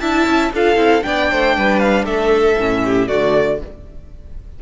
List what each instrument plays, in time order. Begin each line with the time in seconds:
0.00 cello D4, viola E4, violin E5 A5
0.26 cello C#4
0.53 cello D4, viola F4, violin A4 F5
0.76 cello C4, viola E4
1.01 cello B3, viola D4, violin D5 G5
1.30 cello A3, violin C5
1.57 cello G3, violin B4
1.79 violin F5
2.04 cello A3, violin A4 E5
2.58 cello A2, viola C#4
2.84 violin G4
3.07 cello D3, viola A3, violin F#4 D5